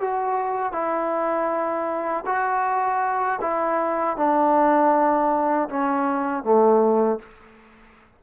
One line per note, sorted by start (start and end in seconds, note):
0.00 0.72 F#4
0.72 2.24 E4
2.25 3.39 F#4
3.41 4.17 E4
4.17 5.69 D4
5.69 6.43 C#4
6.43 7.19 A3